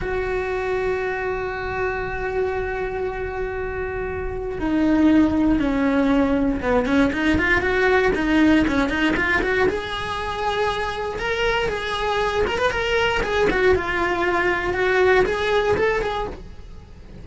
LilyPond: \new Staff \with { instrumentName = "cello" } { \time 4/4 \tempo 4 = 118 fis'1~ | fis'1~ | fis'4 dis'2 cis'4~ | cis'4 b8 cis'8 dis'8 f'8 fis'4 |
dis'4 cis'8 dis'8 f'8 fis'8 gis'4~ | gis'2 ais'4 gis'4~ | gis'8 ais'16 b'16 ais'4 gis'8 fis'8 f'4~ | f'4 fis'4 gis'4 a'8 gis'8 | }